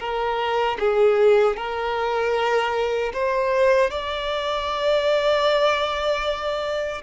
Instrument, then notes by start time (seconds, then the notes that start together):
violin
0.00 A#4
0.80 G#4
1.57 A#4
3.13 C5
3.91 D5